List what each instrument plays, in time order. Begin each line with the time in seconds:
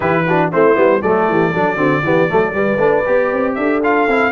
0.00 tuba E3, trombone E4, horn G4, trumpet B4
0.26 trombone D4, horn F#4
0.51 tuba A3, trombone C4, horn E4, trumpet C5
0.74 tuba G3, trombone B3
1.00 tuba F#3, trombone A3, horn A4, trumpet D5
1.28 tuba E3, horn G4
1.52 tuba F#3, trombone D4, horn A4
1.76 tuba D3, trombone C4, horn F#4
2.03 tuba E3, trombone B3, horn G4
2.28 tuba F#3, trombone A3, horn A4
2.52 trombone G3, tuba G3, horn B4
2.77 tuba A3, trombone D4
3.05 tuba B3, trombone G4
3.32 tuba C4
3.55 tuba D4, horn A4, trumpet E5
3.83 trombone F4, trumpet F5
4.07 tuba C4, trombone E4